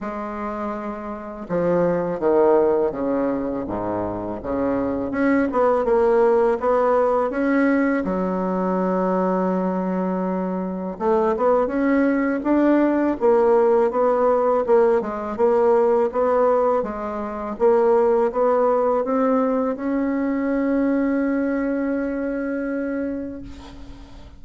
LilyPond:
\new Staff \with { instrumentName = "bassoon" } { \time 4/4 \tempo 4 = 82 gis2 f4 dis4 | cis4 gis,4 cis4 cis'8 b8 | ais4 b4 cis'4 fis4~ | fis2. a8 b8 |
cis'4 d'4 ais4 b4 | ais8 gis8 ais4 b4 gis4 | ais4 b4 c'4 cis'4~ | cis'1 | }